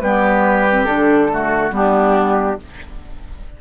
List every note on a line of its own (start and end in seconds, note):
0.00 0.85 G3
0.00 0.67 B3
0.00 1.31 G4
0.00 0.85 B4
0.69 0.86 C4
0.85 1.71 D3
0.85 1.29 D4
0.85 1.70 A4
1.30 1.71 A3
1.30 1.74 F#4
1.71 2.56 G3
1.71 2.57 B3
1.71 2.60 D4
1.71 2.61 G4